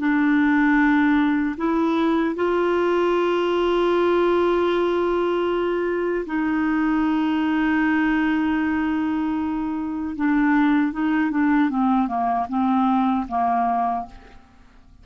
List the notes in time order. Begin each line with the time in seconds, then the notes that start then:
0.00 D4
1.58 E4
2.36 F4
6.27 D#4
10.17 D4
10.93 D#4
11.31 D4
11.70 C4
12.08 A#3
12.49 C4
13.29 A#3